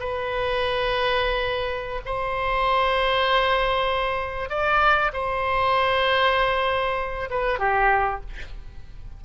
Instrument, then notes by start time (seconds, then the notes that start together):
oboe
0.00 B4
2.06 C5
4.50 D5
5.13 C5
7.30 B4
7.59 G4